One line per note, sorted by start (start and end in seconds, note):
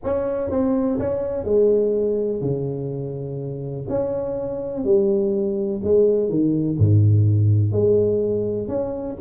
0.04 0.50 C#4
0.50 0.98 C4
0.99 1.44 C#4
1.44 2.41 G#3
2.41 3.86 C#3
3.88 4.84 C#4
4.84 5.81 G3
5.83 6.29 G#3
6.29 6.77 D#3
6.78 7.72 G#2
7.72 8.68 G#3
8.68 9.16 C#4